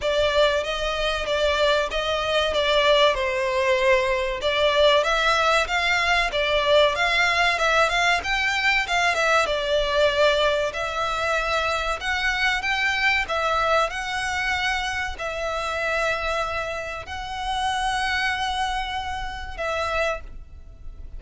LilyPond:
\new Staff \with { instrumentName = "violin" } { \time 4/4 \tempo 4 = 95 d''4 dis''4 d''4 dis''4 | d''4 c''2 d''4 | e''4 f''4 d''4 f''4 | e''8 f''8 g''4 f''8 e''8 d''4~ |
d''4 e''2 fis''4 | g''4 e''4 fis''2 | e''2. fis''4~ | fis''2. e''4 | }